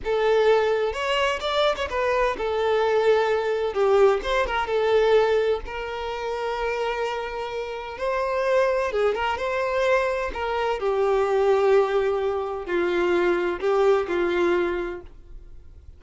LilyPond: \new Staff \with { instrumentName = "violin" } { \time 4/4 \tempo 4 = 128 a'2 cis''4 d''8. cis''16 | b'4 a'2. | g'4 c''8 ais'8 a'2 | ais'1~ |
ais'4 c''2 gis'8 ais'8 | c''2 ais'4 g'4~ | g'2. f'4~ | f'4 g'4 f'2 | }